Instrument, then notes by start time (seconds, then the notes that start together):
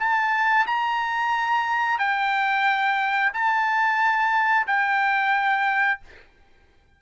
trumpet
0.00 A5
0.67 A#5
1.99 G5
3.34 A5
4.67 G5